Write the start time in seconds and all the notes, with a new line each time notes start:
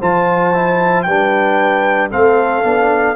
0.00 F3 F4 C5 A5
0.53 E4
1.03 G3 B4 G5
1.09 D4
2.10 A3 C4 A4 F5
2.63 B3 D4